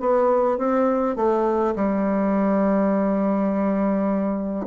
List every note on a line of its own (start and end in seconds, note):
0.00 0.58 B3
0.58 1.16 C4
1.16 1.74 A3
1.76 4.67 G3